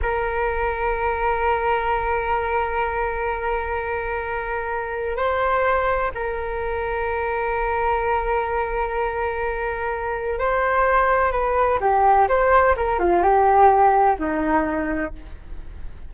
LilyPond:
\new Staff \with { instrumentName = "flute" } { \time 4/4 \tempo 4 = 127 ais'1~ | ais'1~ | ais'2. c''4~ | c''4 ais'2.~ |
ais'1~ | ais'2 c''2 | b'4 g'4 c''4 ais'8 f'8 | g'2 dis'2 | }